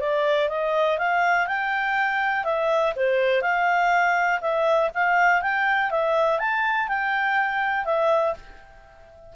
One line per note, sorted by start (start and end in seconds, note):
0.00 0.49 D5
0.49 0.98 D#5
0.98 1.47 F5
1.47 2.44 G5
2.44 2.93 E5
2.96 3.42 C5
3.42 4.40 F5
4.41 4.90 E5
4.94 5.42 F5
5.42 5.91 G5
5.91 6.39 E5
6.39 6.88 A5
6.88 7.85 G5
7.85 8.34 E5